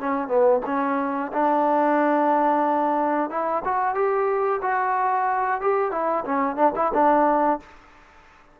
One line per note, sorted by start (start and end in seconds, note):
0.00 0.28 C#4
0.28 0.61 B3
0.66 1.32 C#4
1.32 3.30 D4
3.30 3.63 E4
3.65 3.95 F#4
3.95 4.61 G4
4.62 5.61 F#4
5.61 5.91 G4
5.91 6.24 E4
6.25 6.56 C#4
6.56 6.72 D4
6.75 6.92 E4
6.94 7.60 D4